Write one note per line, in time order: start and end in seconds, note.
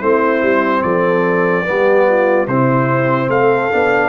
0.00 0.42 A3
0.00 1.65 C4
0.00 0.82 E4
0.00 0.82 C5
0.42 0.83 G3
0.82 1.66 F3
0.82 1.66 A4
0.82 2.47 D5
1.65 2.47 G3
1.65 2.47 B3
1.65 2.07 G4
2.08 2.48 F4
2.47 3.29 C3
2.47 3.71 C4
2.47 3.30 E4
2.47 3.30 C5
3.29 3.70 A3
3.29 4.09 A4
3.29 4.09 F5
3.71 4.09 B3
3.71 4.09 D4